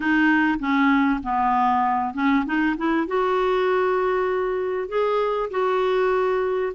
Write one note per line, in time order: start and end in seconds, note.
0.00 0.58 D#4
0.59 1.20 C#4
1.23 2.14 B3
2.14 2.44 C#4
2.45 2.76 D#4
2.77 3.07 E4
3.07 4.88 F#4
4.88 5.49 G#4
5.50 6.73 F#4